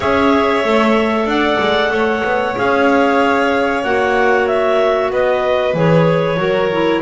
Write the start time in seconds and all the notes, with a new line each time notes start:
0.00 C#4 G#4 C#5 E5
0.62 A3 A4
1.25 D4 D5 F#5
1.59 G#3
1.90 A3 C#5
2.24 B3
2.55 C#4 G#4 F5
3.83 A#3 F#4 F#5
4.47 E5
5.10 B3 B4 D#5
5.74 E3 G#4 C#5
6.37 F#3 F#4 A#4
6.71 E4